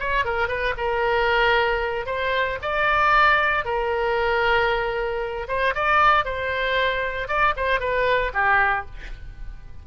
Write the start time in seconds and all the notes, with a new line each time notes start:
0.00 C#5
0.25 A#4
0.48 B4
0.78 A#4
2.07 C5
2.63 D5
3.65 A#4
5.48 C5
5.75 D5
6.25 C5
7.29 D5
7.57 C5
7.80 B4
8.34 G4